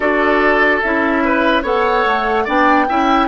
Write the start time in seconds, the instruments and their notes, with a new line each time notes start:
0.00 bassoon D4, clarinet F#4, oboe A4, flute D5
0.81 bassoon C#4, clarinet E4, flute E5
1.24 oboe B4
1.62 bassoon B3, clarinet A4, oboe C#5, flute F#5
2.05 bassoon A3
2.44 bassoon B3, clarinet D4, oboe D5, flute G5
2.88 bassoon C#4, clarinet E4, oboe E5